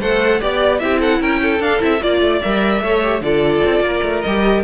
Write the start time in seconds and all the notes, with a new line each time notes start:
0.00 A3 A4 C5 F#5
0.40 B3 G4 D5
0.79 C4 E4 G4 E5
0.99 A4 F#5
1.20 C#4 A#4 G5
1.42 A4
1.59 D4 F5
1.79 C4 E4 E5
2.02 A#3 F4 D5
2.21 A3
2.41 G3 A#4 E5
2.81 A3 A4 C#5
3.02 G4
3.21 D3 F4 A4 D5
3.66 C4
3.80 A#3 A#4
4.03 A3
4.21 G3 G4 D#5